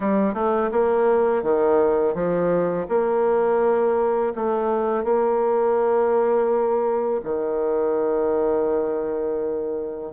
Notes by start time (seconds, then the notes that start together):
0.00 G3
0.34 A3
0.71 A#3
1.42 D#3
2.14 F3
2.88 A#3
4.35 A3
5.03 A#3
7.23 D#3